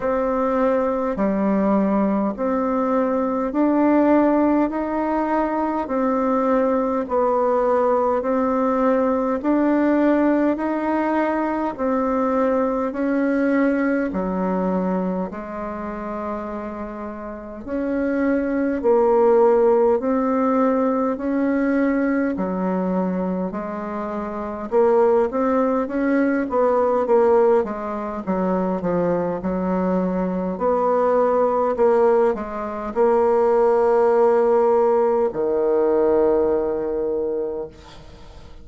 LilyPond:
\new Staff \with { instrumentName = "bassoon" } { \time 4/4 \tempo 4 = 51 c'4 g4 c'4 d'4 | dis'4 c'4 b4 c'4 | d'4 dis'4 c'4 cis'4 | fis4 gis2 cis'4 |
ais4 c'4 cis'4 fis4 | gis4 ais8 c'8 cis'8 b8 ais8 gis8 | fis8 f8 fis4 b4 ais8 gis8 | ais2 dis2 | }